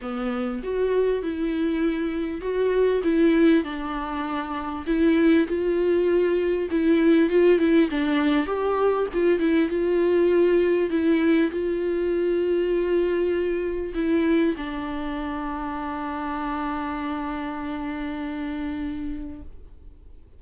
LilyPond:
\new Staff \with { instrumentName = "viola" } { \time 4/4 \tempo 4 = 99 b4 fis'4 e'2 | fis'4 e'4 d'2 | e'4 f'2 e'4 | f'8 e'8 d'4 g'4 f'8 e'8 |
f'2 e'4 f'4~ | f'2. e'4 | d'1~ | d'1 | }